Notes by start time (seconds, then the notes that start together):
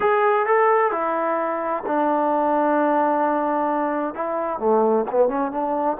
0.00 G#4
0.46 A4
0.91 E4
1.86 D4
4.14 E4
4.59 A3
5.11 B3
5.28 C#4
5.51 D4